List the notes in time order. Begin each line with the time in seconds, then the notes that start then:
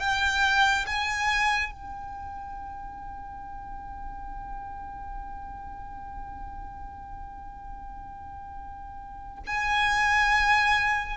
0.00 G5
0.87 G#5
1.72 G5
9.47 G#5